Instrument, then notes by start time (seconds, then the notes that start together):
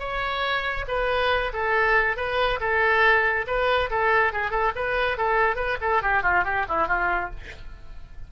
oboe
0.00 C#5
0.88 B4
1.54 A4
2.17 B4
2.61 A4
3.47 B4
3.91 A4
4.33 G#4
4.51 A4
4.76 B4
5.18 A4
5.56 B4
5.81 A4
6.03 G4
6.23 F4
6.45 G4
6.69 E4
6.88 F4